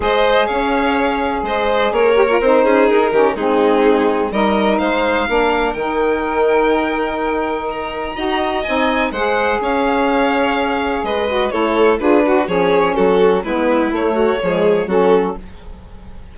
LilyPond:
<<
  \new Staff \with { instrumentName = "violin" } { \time 4/4 \tempo 4 = 125 dis''4 f''2 dis''4 | cis''4 c''4 ais'4 gis'4~ | gis'4 dis''4 f''2 | g''1 |
ais''2 gis''4 fis''4 | f''2. dis''4 | cis''4 b'4 cis''4 a'4 | b'4 cis''2 a'4 | }
  \new Staff \with { instrumentName = "violin" } { \time 4/4 c''4 cis''2 c''4 | ais'4. gis'4 g'8 dis'4~ | dis'4 ais'4 c''4 ais'4~ | ais'1~ |
ais'4 dis''2 c''4 | cis''2. b'4 | a'4 gis'8 fis'8 gis'4 fis'4 | e'4. fis'8 gis'4 fis'4 | }
  \new Staff \with { instrumentName = "saxophone" } { \time 4/4 gis'1~ | gis'8 g'16 f'16 dis'4. cis'8 c'4~ | c'4 dis'2 d'4 | dis'1~ |
dis'4 fis'4 dis'4 gis'4~ | gis'2.~ gis'8 fis'8 | e'4 f'8 fis'8 cis'2 | b4 a4 gis4 cis'4 | }
  \new Staff \with { instrumentName = "bassoon" } { \time 4/4 gis4 cis'2 gis4 | ais4 c'8 cis'8 dis'8 dis8 gis4~ | gis4 g4 gis4 ais4 | dis1~ |
dis4 dis'4 c'4 gis4 | cis'2. gis4 | a4 d'4 f4 fis4 | gis4 a4 f4 fis4 | }
>>